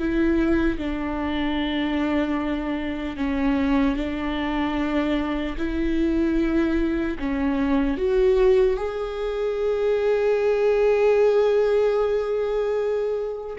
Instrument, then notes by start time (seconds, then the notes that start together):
viola
0.00 E4
0.79 D4
3.17 C#4
3.97 D4
5.58 E4
7.19 C#4
7.98 F#4
8.77 G#4